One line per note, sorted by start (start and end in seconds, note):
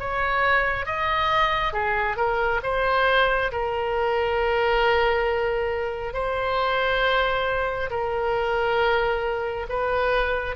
0.00 0.86 C#5
0.86 1.73 D#5
1.73 2.17 G#4
2.17 2.61 A#4
2.64 3.52 C5
3.52 6.14 A#4
6.14 7.90 C5
7.90 9.67 A#4
9.69 10.56 B4